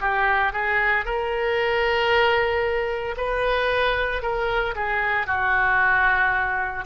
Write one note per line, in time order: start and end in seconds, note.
0.00 0.53 G4
0.53 1.05 G#4
1.05 3.15 A#4
3.17 4.22 B4
4.22 4.75 A#4
4.75 5.27 G#4
5.27 6.85 F#4